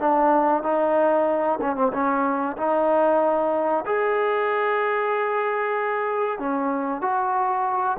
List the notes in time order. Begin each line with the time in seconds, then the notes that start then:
0.00 D4
0.64 D#4
1.62 C#4
1.76 C4
1.93 C#4
2.57 D#4
3.86 G#4
6.39 C#4
7.02 F#4